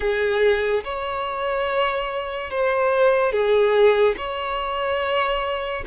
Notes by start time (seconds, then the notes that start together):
0.00 G#4
0.83 C#5
2.50 C5
3.31 G#4
4.17 C#5